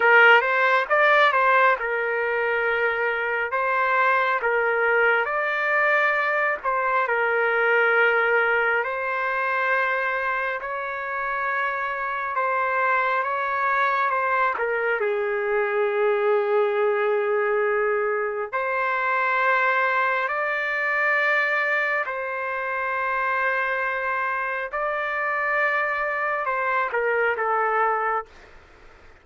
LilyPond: \new Staff \with { instrumentName = "trumpet" } { \time 4/4 \tempo 4 = 68 ais'8 c''8 d''8 c''8 ais'2 | c''4 ais'4 d''4. c''8 | ais'2 c''2 | cis''2 c''4 cis''4 |
c''8 ais'8 gis'2.~ | gis'4 c''2 d''4~ | d''4 c''2. | d''2 c''8 ais'8 a'4 | }